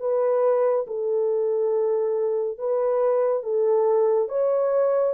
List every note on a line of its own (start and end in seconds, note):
0.00 0.86 B4
0.87 2.58 A4
2.58 3.43 B4
3.43 4.29 A4
4.29 5.14 C#5